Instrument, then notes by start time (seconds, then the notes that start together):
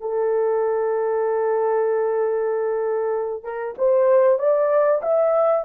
horn
0.00 A4
3.43 A#4
3.78 C5
4.38 D5
5.02 E5